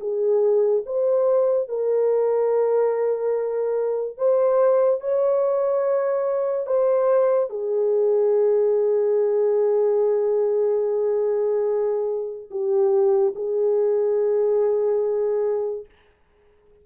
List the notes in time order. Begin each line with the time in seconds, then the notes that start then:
0.00 G#4
0.85 C5
1.68 A#4
4.17 C5
5.00 C#5
6.66 C5
7.50 G#4
12.50 G4
13.35 G#4